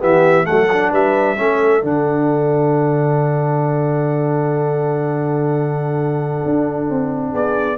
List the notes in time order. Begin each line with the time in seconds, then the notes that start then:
0.00 E3 B3 G4 E5
0.44 F#3 A3 A4 F#5
0.73 D4
0.92 G3 B4 E5
1.37 A3 C#4 A4
1.81 D3 D4 F#5
6.45 D4
6.90 C4
7.32 B3 G#4 D5